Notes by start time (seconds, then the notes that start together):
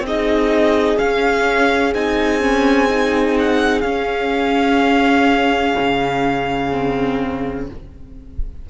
0.00 C4 D#4 G#4
0.07 D#5
0.98 C#4 F5
1.94 C4 D#4 G#5
2.41 C#4
2.89 D#4
3.39 F#5
3.81 C#4 F5
5.79 C#3
6.71 C4